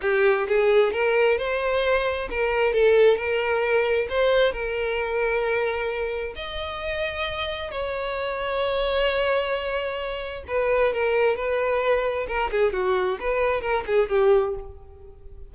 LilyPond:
\new Staff \with { instrumentName = "violin" } { \time 4/4 \tempo 4 = 132 g'4 gis'4 ais'4 c''4~ | c''4 ais'4 a'4 ais'4~ | ais'4 c''4 ais'2~ | ais'2 dis''2~ |
dis''4 cis''2.~ | cis''2. b'4 | ais'4 b'2 ais'8 gis'8 | fis'4 b'4 ais'8 gis'8 g'4 | }